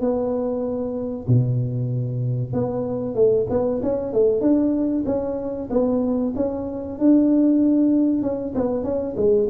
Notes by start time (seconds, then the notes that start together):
0.00 B3
1.28 B2
2.53 B3
3.15 A3
3.50 B3
3.82 C#4
4.13 A3
4.41 D4
5.06 C#4
5.70 B3
6.36 C#4
6.99 D4
8.22 C#4
8.55 B3
8.84 C#4
9.16 G#3